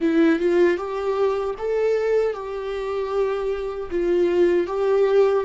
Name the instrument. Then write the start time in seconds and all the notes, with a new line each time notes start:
viola
0.00 E4
0.39 F4
0.77 G4
1.58 A4
2.33 G4
3.90 F4
4.66 G4